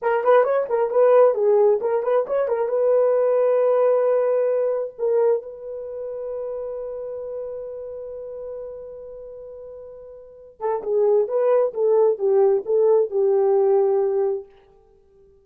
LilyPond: \new Staff \with { instrumentName = "horn" } { \time 4/4 \tempo 4 = 133 ais'8 b'8 cis''8 ais'8 b'4 gis'4 | ais'8 b'8 cis''8 ais'8 b'2~ | b'2. ais'4 | b'1~ |
b'1~ | b'2.~ b'8 a'8 | gis'4 b'4 a'4 g'4 | a'4 g'2. | }